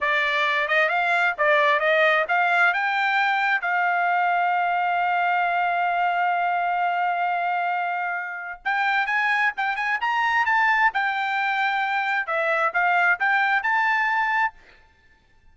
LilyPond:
\new Staff \with { instrumentName = "trumpet" } { \time 4/4 \tempo 4 = 132 d''4. dis''8 f''4 d''4 | dis''4 f''4 g''2 | f''1~ | f''1~ |
f''2. g''4 | gis''4 g''8 gis''8 ais''4 a''4 | g''2. e''4 | f''4 g''4 a''2 | }